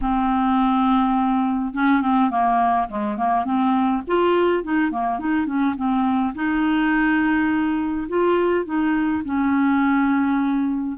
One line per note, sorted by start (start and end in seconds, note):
0.01 1.74 C4
1.74 2.01 C#4
2.01 2.30 C4
2.30 2.87 A#3
2.89 3.17 G#3
3.17 3.44 A#3
3.44 4.02 C4
4.07 4.63 F4
4.63 4.91 D#4
4.91 5.19 A#3
5.19 5.46 D#4
5.46 5.75 C#4
5.76 6.34 C4
6.34 8.07 D#4
8.08 8.65 F4
8.65 9.23 D#4
9.24 10.97 C#4